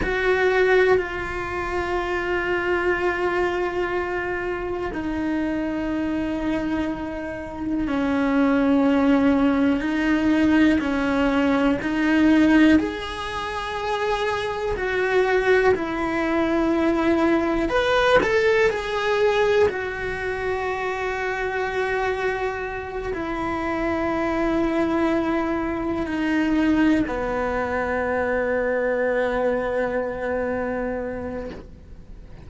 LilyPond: \new Staff \with { instrumentName = "cello" } { \time 4/4 \tempo 4 = 61 fis'4 f'2.~ | f'4 dis'2. | cis'2 dis'4 cis'4 | dis'4 gis'2 fis'4 |
e'2 b'8 a'8 gis'4 | fis'2.~ fis'8 e'8~ | e'2~ e'8 dis'4 b8~ | b1 | }